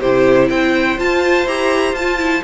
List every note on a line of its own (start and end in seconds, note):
0.00 0.50 C3
0.00 0.98 E4
0.00 0.49 G4
0.00 0.49 C5
0.50 0.98 C4
0.50 2.44 C5
0.50 0.99 G5
0.98 1.47 F4
0.98 1.46 F4
0.98 1.48 A5
1.46 1.93 E4
1.46 1.96 G4
1.46 1.95 A#5
1.93 2.42 F4
1.93 2.18 F4
1.93 2.44 A5
2.18 2.43 E4